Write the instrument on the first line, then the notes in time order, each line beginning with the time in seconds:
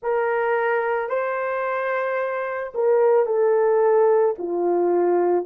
horn
0.02 A#4
1.09 C5
2.74 A#4
3.26 A4
4.38 F4